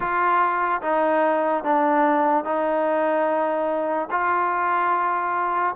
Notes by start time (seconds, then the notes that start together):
0.00 F4
0.81 D#4
1.64 D4
2.44 D#4
4.10 F4